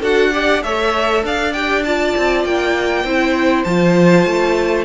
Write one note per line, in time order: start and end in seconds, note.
0.00 0.63 D4
0.00 0.32 F#4
0.00 0.30 A4
0.00 0.63 F#5
0.32 0.62 G4
0.32 0.64 D5
0.62 1.24 A3
0.62 1.53 A4
0.62 1.25 C#5
0.62 1.23 E5
1.24 2.15 D4
1.24 3.06 D5
1.24 1.53 F5
1.53 1.85 G4
1.53 1.83 G5
1.84 3.06 F4
1.84 2.44 A5
2.16 2.44 C4
2.44 3.04 A#3
2.44 3.64 G5
3.04 3.65 C4
3.04 3.66 E4
3.04 4.85 C5
3.64 4.26 F3
3.64 4.85 F4
3.64 4.85 A5
4.26 4.85 A3